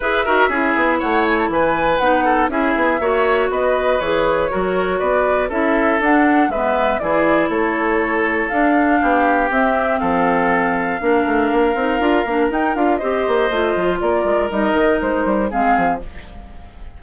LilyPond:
<<
  \new Staff \with { instrumentName = "flute" } { \time 4/4 \tempo 4 = 120 e''2 fis''8 gis''16 a''16 gis''4 | fis''4 e''2 dis''4 | cis''2 d''4 e''4 | fis''4 e''4 d''4 cis''4~ |
cis''4 f''2 e''4 | f''1~ | f''4 g''8 f''8 dis''2 | d''4 dis''4 c''4 f''4 | }
  \new Staff \with { instrumentName = "oboe" } { \time 4/4 b'8 ais'8 gis'4 cis''4 b'4~ | b'8 a'8 gis'4 cis''4 b'4~ | b'4 ais'4 b'4 a'4~ | a'4 b'4 gis'4 a'4~ |
a'2 g'2 | a'2 ais'2~ | ais'2 c''2 | ais'2. gis'4 | }
  \new Staff \with { instrumentName = "clarinet" } { \time 4/4 gis'8 fis'8 e'2. | dis'4 e'4 fis'2 | gis'4 fis'2 e'4 | d'4 b4 e'2~ |
e'4 d'2 c'4~ | c'2 d'4. dis'8 | f'8 d'8 dis'8 f'8 g'4 f'4~ | f'4 dis'2 c'4 | }
  \new Staff \with { instrumentName = "bassoon" } { \time 4/4 e'8 dis'8 cis'8 b8 a4 e4 | b4 cis'8 b8 ais4 b4 | e4 fis4 b4 cis'4 | d'4 gis4 e4 a4~ |
a4 d'4 b4 c'4 | f2 ais8 a8 ais8 c'8 | d'8 ais8 dis'8 d'8 c'8 ais8 a8 f8 | ais8 gis8 g8 dis8 gis8 g8 gis8 f8 | }
>>